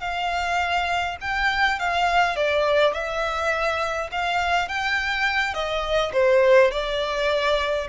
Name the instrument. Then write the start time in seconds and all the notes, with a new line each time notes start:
violin
0.00 F5
1.21 G5
1.79 F5
2.36 D5
2.93 E5
4.11 F5
4.69 G5
5.54 D#5
6.13 C5
6.71 D5